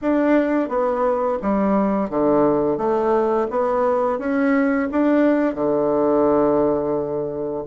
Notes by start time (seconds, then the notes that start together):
0.01 D4
0.68 B3
1.41 G3
2.10 D3
2.77 A3
3.50 B3
4.18 C#4
4.91 D4
5.54 D3